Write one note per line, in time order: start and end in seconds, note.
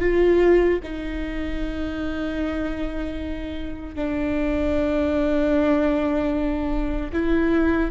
0.00 0.79 F4
0.83 3.95 D#4
3.95 7.11 D4
7.13 7.91 E4